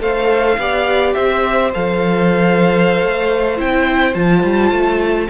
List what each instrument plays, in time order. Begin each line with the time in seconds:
0.00 cello A3, viola A4, violin C5 F5
0.58 cello B3, viola G4, violin D5
1.14 cello C4, violin C5 E5
1.74 cello F3, viola A4, violin F5
3.02 cello A3
3.57 cello C4, viola E4, violin G5
4.15 cello F3, viola F4, violin A5
4.43 cello G3
4.71 cello A3